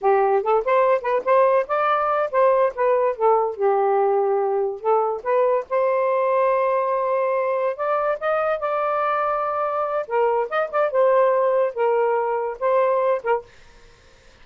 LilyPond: \new Staff \with { instrumentName = "saxophone" } { \time 4/4 \tempo 4 = 143 g'4 a'8 c''4 b'8 c''4 | d''4. c''4 b'4 a'8~ | a'8 g'2. a'8~ | a'8 b'4 c''2~ c''8~ |
c''2~ c''8 d''4 dis''8~ | dis''8 d''2.~ d''8 | ais'4 dis''8 d''8 c''2 | ais'2 c''4. ais'8 | }